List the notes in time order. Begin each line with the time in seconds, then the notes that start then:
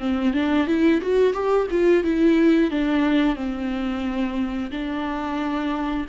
0.00 C4
0.34 D4
0.67 E4
1.01 F#4
1.34 G4
1.71 F4
2.04 E4
2.71 D4
3.36 C4
4.71 D4